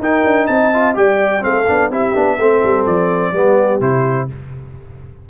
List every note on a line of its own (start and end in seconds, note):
0.00 0.24 D#4
0.00 0.74 D#4
0.00 0.49 A#4
0.00 0.47 G5
0.25 0.48 D4
0.47 0.97 C4
0.47 0.98 D#5
0.47 0.95 A5
0.74 0.95 F4
0.95 1.44 G3
0.95 1.41 G4
0.95 1.44 D5
0.95 1.44 G5
1.41 1.69 A3
1.41 1.65 C4
1.41 1.91 A4
1.41 1.91 F5
1.68 1.90 B3
1.68 1.91 D4
1.90 2.14 C4
1.90 2.15 E4
1.90 2.37 G4
1.90 2.86 E5
2.15 2.39 B3
2.15 2.39 D4
2.37 2.62 A3
2.37 3.34 C4
2.37 3.32 A4
2.64 2.87 G3
2.86 3.33 F3
2.86 3.81 D5
3.33 3.81 G3
3.33 3.81 B3
3.33 4.30 G4
3.81 4.28 C3
3.81 4.29 E4
3.81 4.29 C5